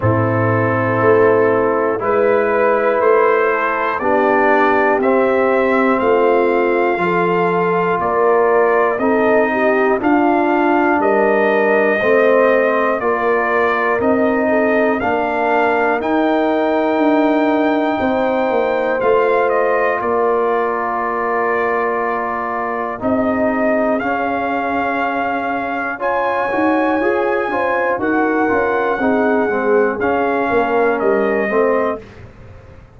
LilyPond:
<<
  \new Staff \with { instrumentName = "trumpet" } { \time 4/4 \tempo 4 = 60 a'2 b'4 c''4 | d''4 e''4 f''2 | d''4 dis''4 f''4 dis''4~ | dis''4 d''4 dis''4 f''4 |
g''2. f''8 dis''8 | d''2. dis''4 | f''2 gis''2 | fis''2 f''4 dis''4 | }
  \new Staff \with { instrumentName = "horn" } { \time 4/4 e'2 b'4. a'8 | g'2 f'4 a'4 | ais'4 a'8 g'8 f'4 ais'4 | c''4 ais'4. a'8 ais'4~ |
ais'2 c''2 | ais'2. gis'4~ | gis'2 cis''4. c''8 | ais'4 gis'4. ais'4 c''8 | }
  \new Staff \with { instrumentName = "trombone" } { \time 4/4 c'2 e'2 | d'4 c'2 f'4~ | f'4 dis'4 d'2 | c'4 f'4 dis'4 d'4 |
dis'2. f'4~ | f'2. dis'4 | cis'2 f'8 fis'8 gis'8 f'8 | fis'8 f'8 dis'8 c'8 cis'4. c'8 | }
  \new Staff \with { instrumentName = "tuba" } { \time 4/4 a,4 a4 gis4 a4 | b4 c'4 a4 f4 | ais4 c'4 d'4 g4 | a4 ais4 c'4 ais4 |
dis'4 d'4 c'8 ais8 a4 | ais2. c'4 | cis'2~ cis'8 dis'8 f'8 cis'8 | dis'8 cis'8 c'8 gis8 cis'8 ais8 g8 a8 | }
>>